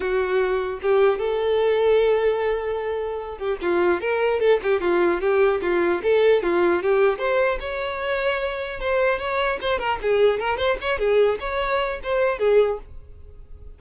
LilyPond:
\new Staff \with { instrumentName = "violin" } { \time 4/4 \tempo 4 = 150 fis'2 g'4 a'4~ | a'1~ | a'8 g'8 f'4 ais'4 a'8 g'8 | f'4 g'4 f'4 a'4 |
f'4 g'4 c''4 cis''4~ | cis''2 c''4 cis''4 | c''8 ais'8 gis'4 ais'8 c''8 cis''8 gis'8~ | gis'8 cis''4. c''4 gis'4 | }